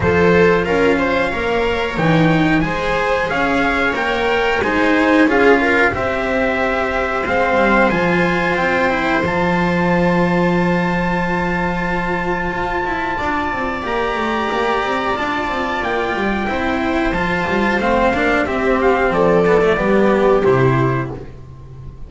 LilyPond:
<<
  \new Staff \with { instrumentName = "trumpet" } { \time 4/4 \tempo 4 = 91 c''4 f''2 g''4 | gis''4 f''4 g''4 gis''4 | f''4 e''2 f''4 | gis''4 g''4 a''2~ |
a''1~ | a''4 ais''2 a''4 | g''2 a''4 f''4 | e''8 f''8 d''2 c''4 | }
  \new Staff \with { instrumentName = "viola" } { \time 4/4 a'4 ais'8 c''8 cis''2 | c''4 cis''2 c''4 | gis'8 ais'8 c''2.~ | c''1~ |
c''1 | d''1~ | d''4 c''2. | g'4 a'4 g'2 | }
  \new Staff \with { instrumentName = "cello" } { \time 4/4 f'2 ais'4 dis'4 | gis'2 ais'4 dis'4 | f'4 g'2 c'4 | f'4. e'8 f'2~ |
f'1~ | f'4 g'2 f'4~ | f'4 e'4 f'4 c'8 d'8 | c'4. b16 a16 b4 e'4 | }
  \new Staff \with { instrumentName = "double bass" } { \time 4/4 f4 cis'4 ais4 e4 | gis4 cis'4 ais4 gis4 | cis'4 c'2 gis8 g8 | f4 c'4 f2~ |
f2. f'8 e'8 | d'8 c'8 ais8 a8 ais8 c'8 d'8 c'8 | ais8 g8 c'4 f8 g8 a8 ais8 | c'4 f4 g4 c4 | }
>>